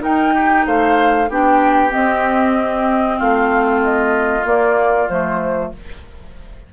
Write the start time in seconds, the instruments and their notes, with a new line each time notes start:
0.00 clarinet D#4, bassoon D#4, oboe A#4, flute G5
0.34 oboe G4
0.66 bassoon A3, oboe C5, flute F5
1.29 bassoon B3, clarinet D4, oboe G4, flute G5
1.89 clarinet C4, bassoon C4, flute D#5
3.18 bassoon A3, oboe F4, flute F5
3.83 flute D#5
4.43 clarinet A#3, bassoon A#3, flute D5
5.09 bassoon F3, clarinet A3, flute C5